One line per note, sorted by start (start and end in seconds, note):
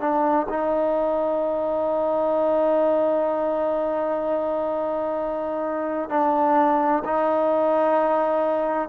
0.00 0.47 D4
0.49 6.09 D#4
6.09 7.03 D4
7.05 8.88 D#4